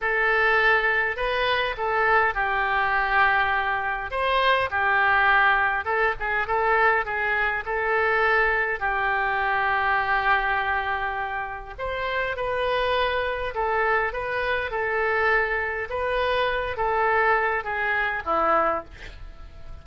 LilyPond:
\new Staff \with { instrumentName = "oboe" } { \time 4/4 \tempo 4 = 102 a'2 b'4 a'4 | g'2. c''4 | g'2 a'8 gis'8 a'4 | gis'4 a'2 g'4~ |
g'1 | c''4 b'2 a'4 | b'4 a'2 b'4~ | b'8 a'4. gis'4 e'4 | }